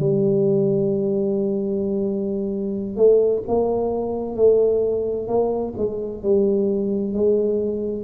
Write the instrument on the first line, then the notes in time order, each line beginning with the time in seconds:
tuba
0.00 G3
2.96 A3
3.48 A#3
4.36 A3
5.28 A#3
5.77 G#3
6.23 G3
7.14 G#3